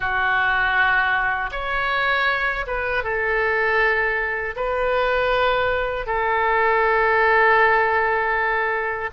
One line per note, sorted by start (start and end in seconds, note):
0.00 1.50 F#4
1.51 2.65 C#5
2.67 3.03 B4
3.03 4.55 A4
4.56 6.06 B4
6.06 9.10 A4